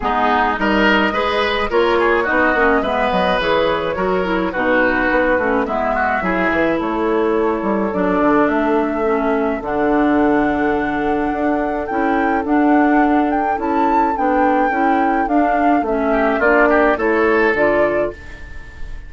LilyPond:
<<
  \new Staff \with { instrumentName = "flute" } { \time 4/4 \tempo 4 = 106 gis'4 dis''2 cis''4 | dis''4 e''8 dis''8 cis''2 | b'2 e''2 | cis''2 d''4 e''4~ |
e''4 fis''2.~ | fis''4 g''4 fis''4. g''8 | a''4 g''2 f''4 | e''4 d''4 cis''4 d''4 | }
  \new Staff \with { instrumentName = "oboe" } { \time 4/4 dis'4 ais'4 b'4 ais'8 gis'8 | fis'4 b'2 ais'4 | fis'2 e'8 fis'8 gis'4 | a'1~ |
a'1~ | a'1~ | a'1~ | a'8 g'8 f'8 g'8 a'2 | }
  \new Staff \with { instrumentName = "clarinet" } { \time 4/4 b4 dis'4 gis'4 f'4 | dis'8 cis'8 b4 gis'4 fis'8 e'8 | dis'4. cis'8 b4 e'4~ | e'2 d'2 |
cis'4 d'2.~ | d'4 e'4 d'2 | e'4 d'4 e'4 d'4 | cis'4 d'4 e'4 f'4 | }
  \new Staff \with { instrumentName = "bassoon" } { \time 4/4 gis4 g4 gis4 ais4 | b8 ais8 gis8 fis8 e4 fis4 | b,4 b8 a8 gis4 fis8 e8 | a4. g8 fis8 d8 a4~ |
a4 d2. | d'4 cis'4 d'2 | cis'4 b4 cis'4 d'4 | a4 ais4 a4 d4 | }
>>